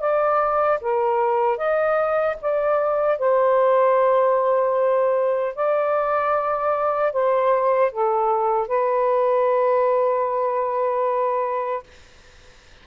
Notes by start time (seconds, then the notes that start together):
0.00 D5
0.80 A#4
1.57 D#5
2.41 D5
3.18 C5
5.55 D5
7.12 C5
7.92 A4
8.67 B4